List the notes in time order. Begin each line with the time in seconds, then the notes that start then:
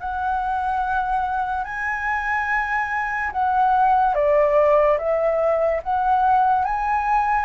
0.00 F#5
1.64 G#5
3.32 F#5
4.15 D5
4.98 E5
5.83 F#5
6.65 G#5